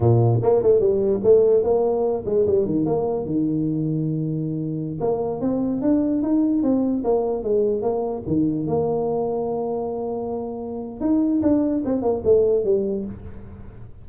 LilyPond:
\new Staff \with { instrumentName = "tuba" } { \time 4/4 \tempo 4 = 147 ais,4 ais8 a8 g4 a4 | ais4. gis8 g8 dis8 ais4 | dis1~ | dis16 ais4 c'4 d'4 dis'8.~ |
dis'16 c'4 ais4 gis4 ais8.~ | ais16 dis4 ais2~ ais8.~ | ais2. dis'4 | d'4 c'8 ais8 a4 g4 | }